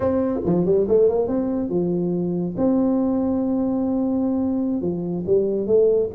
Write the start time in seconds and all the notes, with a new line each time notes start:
0.00 C4
0.45 F3
0.65 G3
0.88 A3
1.08 A#3
1.27 C4
1.69 F3
2.57 C4
4.81 F3
5.26 G3
5.66 A3